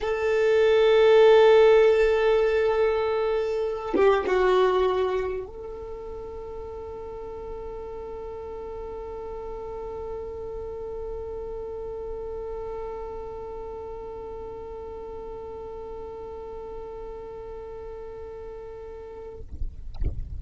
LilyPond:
\new Staff \with { instrumentName = "violin" } { \time 4/4 \tempo 4 = 99 a'1~ | a'2~ a'8 g'8 fis'4~ | fis'4 a'2.~ | a'1~ |
a'1~ | a'1~ | a'1~ | a'1 | }